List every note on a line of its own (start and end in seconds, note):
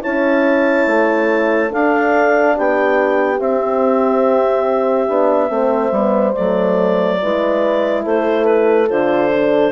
0.00 0.86 C#4
0.00 1.69 E4
0.00 1.69 C#5
0.00 1.72 A5
0.86 1.71 A3
1.69 3.38 D4
1.69 2.57 D4
1.69 2.54 A4
1.69 2.57 F5
2.56 3.39 B3
2.56 5.52 G4
2.56 3.40 G5
3.39 5.08 C4
3.39 6.34 E5
5.08 5.49 B3
5.08 5.49 D4
5.49 5.91 A3
5.49 5.91 C4
5.49 7.21 C5
5.91 6.33 G3
5.91 6.34 B3
6.34 7.23 F#3
6.34 7.19 A3
6.34 8.03 D5
7.21 8.05 G#3
7.21 8.89 E4
7.21 8.03 B4
8.03 8.90 A3
8.03 9.72 A4
8.03 8.45 C5
8.45 8.87 B4
8.89 9.72 D3
8.89 9.31 F4
8.89 9.72 C5
9.32 9.72 D4